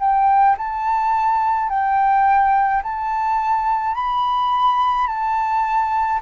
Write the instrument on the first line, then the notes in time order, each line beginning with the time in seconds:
flute
0.00 G5
0.58 A5
1.69 G5
2.83 A5
3.95 B5
5.07 A5